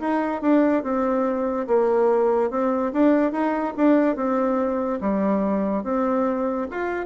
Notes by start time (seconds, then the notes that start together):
0.00 D#4
0.42 D4
0.83 C4
1.67 A#3
2.50 C4
2.93 D4
3.32 D#4
3.77 D4
4.16 C4
5.01 G3
5.84 C4
6.71 F4